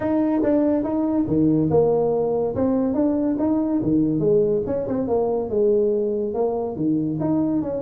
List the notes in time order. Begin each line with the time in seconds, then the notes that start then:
0.00 D#4
0.42 D4
0.83 D#4
1.27 D#3
1.70 A#3
2.55 C4
2.94 D4
3.38 D#4
3.82 D#3
4.19 G#3
4.66 C#4
4.87 C4
5.07 A#3
5.49 G#3
6.33 A#3
6.76 D#3
7.20 D#4
7.62 C#4